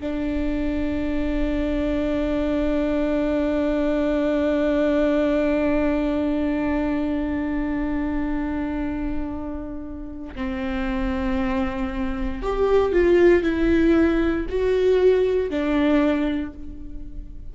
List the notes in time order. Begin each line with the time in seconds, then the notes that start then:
0.00 D4
10.35 C4
12.42 G4
12.92 F4
13.43 E4
14.49 F#4
15.50 D4